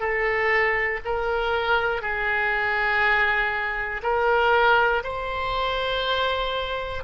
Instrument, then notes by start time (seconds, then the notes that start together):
oboe
0.00 A4
1.05 A#4
2.01 G#4
4.02 A#4
5.03 C5